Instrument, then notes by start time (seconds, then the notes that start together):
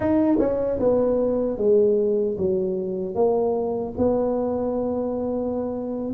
tuba
0.00 D#4
0.39 C#4
0.79 B3
1.57 G#3
2.37 F#3
3.14 A#3
3.97 B3